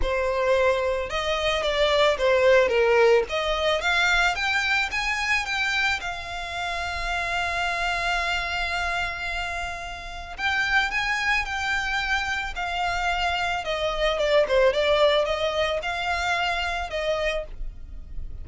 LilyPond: \new Staff \with { instrumentName = "violin" } { \time 4/4 \tempo 4 = 110 c''2 dis''4 d''4 | c''4 ais'4 dis''4 f''4 | g''4 gis''4 g''4 f''4~ | f''1~ |
f''2. g''4 | gis''4 g''2 f''4~ | f''4 dis''4 d''8 c''8 d''4 | dis''4 f''2 dis''4 | }